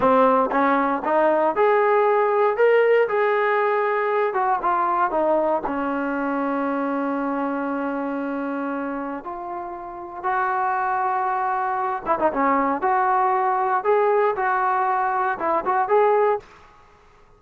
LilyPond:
\new Staff \with { instrumentName = "trombone" } { \time 4/4 \tempo 4 = 117 c'4 cis'4 dis'4 gis'4~ | gis'4 ais'4 gis'2~ | gis'8 fis'8 f'4 dis'4 cis'4~ | cis'1~ |
cis'2 f'2 | fis'2.~ fis'8 e'16 dis'16 | cis'4 fis'2 gis'4 | fis'2 e'8 fis'8 gis'4 | }